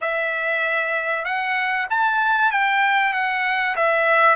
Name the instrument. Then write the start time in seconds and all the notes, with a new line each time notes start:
trumpet
0.01 E5
1.24 F#5
1.89 A5
2.51 G5
3.13 F#5
3.76 E5